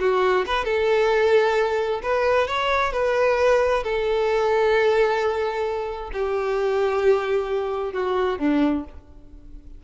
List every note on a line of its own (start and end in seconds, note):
0.00 0.45 F#4
0.46 0.65 B4
0.65 2.01 A4
2.03 2.48 B4
2.48 2.93 C#5
2.93 3.83 B4
3.83 6.11 A4
6.13 7.93 G4
7.93 8.39 F#4
8.39 8.84 D4